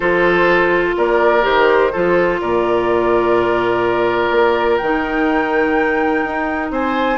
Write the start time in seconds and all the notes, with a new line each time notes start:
0.00 F3 F4 A4 C5
0.97 A#3 A#4 D5
1.42 D#3 G4 C5
1.92 F3 F4 A4
2.41 A#2 A#4 D5
4.31 A#3
4.77 D#3 D#4 G5
6.24 D#4
6.70 C4 C5 G#5